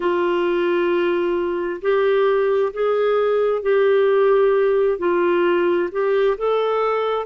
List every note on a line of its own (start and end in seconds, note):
0.00 1.81 F4
1.81 2.72 G4
2.73 3.62 G#4
3.62 4.98 G4
4.98 5.89 F4
5.91 6.37 G4
6.37 7.26 A4